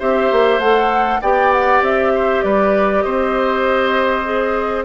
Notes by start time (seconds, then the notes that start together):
0.00 C4 G4 C5 E5
0.32 A#3
0.60 A3 A4 F#5
1.22 B3 G4 D5 G5
1.53 F#5
1.82 C4 E5
2.15 C5
2.43 G3 B4 D5
3.02 C4 C5 D#5
4.25 G#4